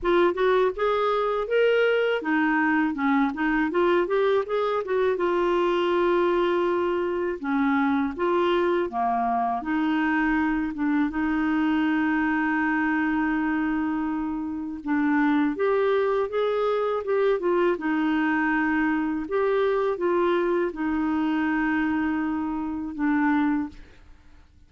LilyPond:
\new Staff \with { instrumentName = "clarinet" } { \time 4/4 \tempo 4 = 81 f'8 fis'8 gis'4 ais'4 dis'4 | cis'8 dis'8 f'8 g'8 gis'8 fis'8 f'4~ | f'2 cis'4 f'4 | ais4 dis'4. d'8 dis'4~ |
dis'1 | d'4 g'4 gis'4 g'8 f'8 | dis'2 g'4 f'4 | dis'2. d'4 | }